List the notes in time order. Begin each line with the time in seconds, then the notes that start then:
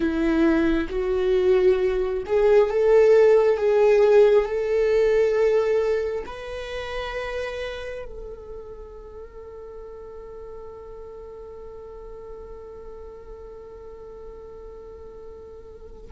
0.00 E4
0.89 F#4
2.26 G#4
2.70 A4
3.57 G#4
4.45 A4
6.26 B4
8.05 A4